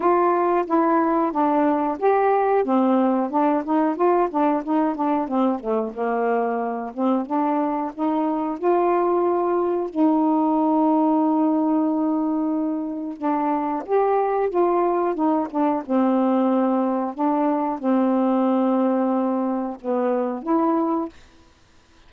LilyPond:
\new Staff \with { instrumentName = "saxophone" } { \time 4/4 \tempo 4 = 91 f'4 e'4 d'4 g'4 | c'4 d'8 dis'8 f'8 d'8 dis'8 d'8 | c'8 a8 ais4. c'8 d'4 | dis'4 f'2 dis'4~ |
dis'1 | d'4 g'4 f'4 dis'8 d'8 | c'2 d'4 c'4~ | c'2 b4 e'4 | }